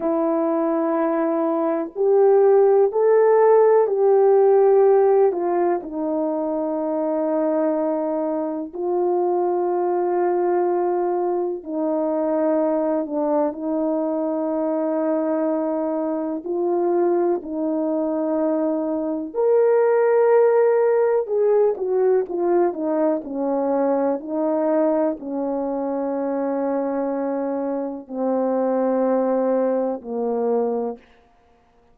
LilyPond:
\new Staff \with { instrumentName = "horn" } { \time 4/4 \tempo 4 = 62 e'2 g'4 a'4 | g'4. f'8 dis'2~ | dis'4 f'2. | dis'4. d'8 dis'2~ |
dis'4 f'4 dis'2 | ais'2 gis'8 fis'8 f'8 dis'8 | cis'4 dis'4 cis'2~ | cis'4 c'2 ais4 | }